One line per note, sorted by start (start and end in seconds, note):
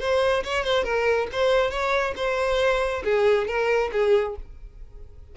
0.00 0.43 C5
0.44 0.64 C#5
0.64 0.84 C5
0.84 1.28 A#4
1.32 1.71 C5
1.71 2.14 C#5
2.17 3.04 C5
3.05 3.48 G#4
3.48 3.91 A#4
3.93 4.36 G#4